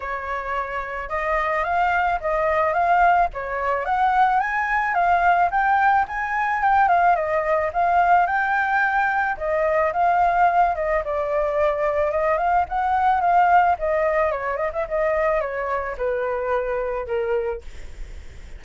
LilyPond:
\new Staff \with { instrumentName = "flute" } { \time 4/4 \tempo 4 = 109 cis''2 dis''4 f''4 | dis''4 f''4 cis''4 fis''4 | gis''4 f''4 g''4 gis''4 | g''8 f''8 dis''4 f''4 g''4~ |
g''4 dis''4 f''4. dis''8 | d''2 dis''8 f''8 fis''4 | f''4 dis''4 cis''8 dis''16 e''16 dis''4 | cis''4 b'2 ais'4 | }